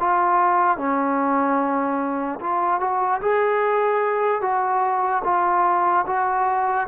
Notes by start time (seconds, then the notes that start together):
0.00 F4
0.78 C#4
2.41 F4
2.80 F#4
3.21 G#4
4.42 F#4
5.24 F4
6.07 F#4